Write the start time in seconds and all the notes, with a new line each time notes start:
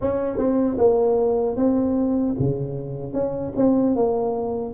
0.01 C#4
0.37 C4
0.78 A#3
1.56 C4
2.39 C#3
3.13 C#4
3.56 C4
3.95 A#3